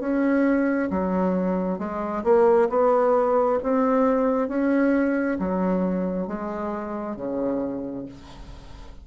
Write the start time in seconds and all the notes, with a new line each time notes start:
0.00 C#4
0.90 F#3
1.79 G#3
2.24 A#3
2.69 B3
3.63 C4
4.49 C#4
5.39 F#3
6.27 G#3
7.16 C#3